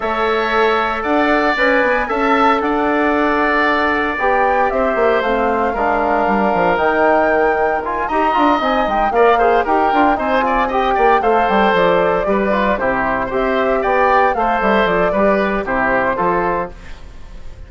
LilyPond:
<<
  \new Staff \with { instrumentName = "flute" } { \time 4/4 \tempo 4 = 115 e''2 fis''4 gis''4 | a''4 fis''2. | g''4 e''4 f''2~ | f''4 g''2 gis''8 ais''8~ |
ais''8 gis''8 g''8 f''4 g''4 gis''8~ | gis''8 g''4 f''8 g''8 d''4.~ | d''8 c''4 e''4 g''4 f''8 | e''8 d''4. c''2 | }
  \new Staff \with { instrumentName = "oboe" } { \time 4/4 cis''2 d''2 | e''4 d''2.~ | d''4 c''2 ais'4~ | ais'2.~ ais'8 dis''8~ |
dis''4. d''8 c''8 ais'4 c''8 | d''8 dis''8 d''8 c''2 b'8~ | b'8 g'4 c''4 d''4 c''8~ | c''4 b'4 g'4 a'4 | }
  \new Staff \with { instrumentName = "trombone" } { \time 4/4 a'2. b'4 | a'1 | g'2 c'4 d'4~ | d'4 dis'2 f'8 g'8 |
f'8 dis'4 ais'8 gis'8 g'8 f'8 dis'8 | f'8 g'4 a'2 g'8 | f'8 e'4 g'2 a'8~ | a'4 g'4 e'4 f'4 | }
  \new Staff \with { instrumentName = "bassoon" } { \time 4/4 a2 d'4 cis'8 b8 | cis'4 d'2. | b4 c'8 ais8 a4 gis4 | g8 f8 dis2~ dis8 dis'8 |
d'8 c'8 gis8 ais4 dis'8 d'8 c'8~ | c'4 ais8 a8 g8 f4 g8~ | g8 c4 c'4 b4 a8 | g8 f8 g4 c4 f4 | }
>>